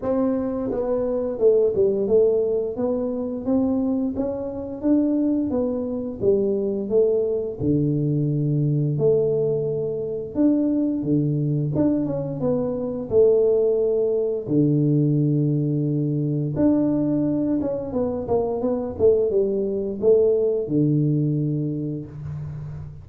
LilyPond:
\new Staff \with { instrumentName = "tuba" } { \time 4/4 \tempo 4 = 87 c'4 b4 a8 g8 a4 | b4 c'4 cis'4 d'4 | b4 g4 a4 d4~ | d4 a2 d'4 |
d4 d'8 cis'8 b4 a4~ | a4 d2. | d'4. cis'8 b8 ais8 b8 a8 | g4 a4 d2 | }